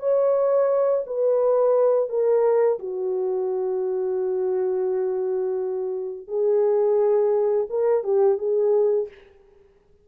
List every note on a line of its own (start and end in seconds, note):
0.00 1.05 C#5
1.07 2.10 B4
2.10 2.79 A#4
2.79 6.28 F#4
6.28 7.68 G#4
7.70 8.04 A#4
8.04 8.38 G4
8.38 9.08 G#4